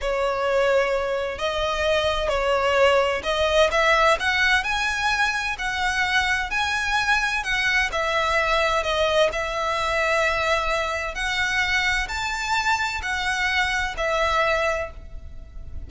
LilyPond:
\new Staff \with { instrumentName = "violin" } { \time 4/4 \tempo 4 = 129 cis''2. dis''4~ | dis''4 cis''2 dis''4 | e''4 fis''4 gis''2 | fis''2 gis''2 |
fis''4 e''2 dis''4 | e''1 | fis''2 a''2 | fis''2 e''2 | }